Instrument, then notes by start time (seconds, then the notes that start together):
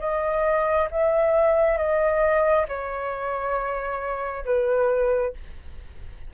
flute
0.00 D#5
0.91 E5
1.78 D#5
2.68 C#5
4.45 B4